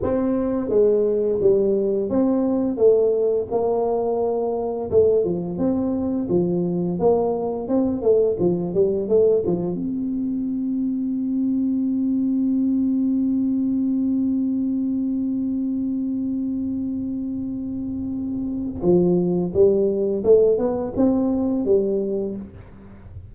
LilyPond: \new Staff \with { instrumentName = "tuba" } { \time 4/4 \tempo 4 = 86 c'4 gis4 g4 c'4 | a4 ais2 a8 f8 | c'4 f4 ais4 c'8 a8 | f8 g8 a8 f8 c'2~ |
c'1~ | c'1~ | c'2. f4 | g4 a8 b8 c'4 g4 | }